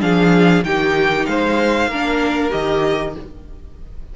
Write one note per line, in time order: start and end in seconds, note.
0.00 0.63 F3
0.00 0.62 D4
0.00 0.65 G#4
0.00 0.63 F5
0.63 1.26 D#3
0.63 1.90 D#4
0.63 1.29 G4
0.63 1.25 G5
1.25 1.87 G#3
1.25 1.89 C5
1.25 2.50 F5
1.87 2.49 A#3
1.87 2.50 D4
1.87 3.14 A#4
2.50 3.16 D#3
2.50 3.12 G4
2.50 3.14 D#5